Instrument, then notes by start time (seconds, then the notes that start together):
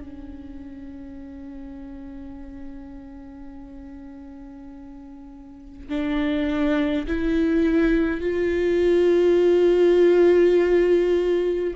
viola
0.00 C#4
5.89 D4
7.07 E4
8.21 F4